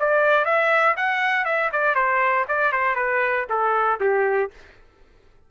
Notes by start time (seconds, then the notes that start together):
0.00 D5
0.45 E5
0.96 F#5
1.45 E5
1.72 D5
1.95 C5
2.48 D5
2.72 C5
2.95 B4
3.50 A4
4.00 G4